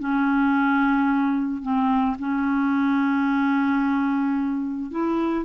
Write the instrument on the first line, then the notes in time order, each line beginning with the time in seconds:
clarinet
0.00 C#4
1.63 C4
2.20 C#4
4.91 E4